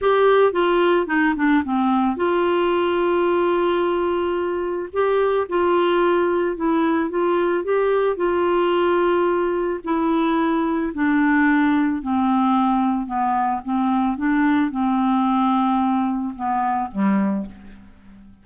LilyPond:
\new Staff \with { instrumentName = "clarinet" } { \time 4/4 \tempo 4 = 110 g'4 f'4 dis'8 d'8 c'4 | f'1~ | f'4 g'4 f'2 | e'4 f'4 g'4 f'4~ |
f'2 e'2 | d'2 c'2 | b4 c'4 d'4 c'4~ | c'2 b4 g4 | }